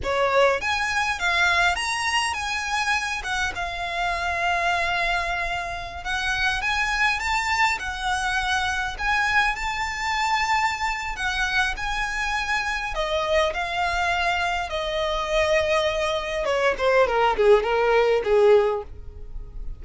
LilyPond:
\new Staff \with { instrumentName = "violin" } { \time 4/4 \tempo 4 = 102 cis''4 gis''4 f''4 ais''4 | gis''4. fis''8 f''2~ | f''2~ f''16 fis''4 gis''8.~ | gis''16 a''4 fis''2 gis''8.~ |
gis''16 a''2~ a''8. fis''4 | gis''2 dis''4 f''4~ | f''4 dis''2. | cis''8 c''8 ais'8 gis'8 ais'4 gis'4 | }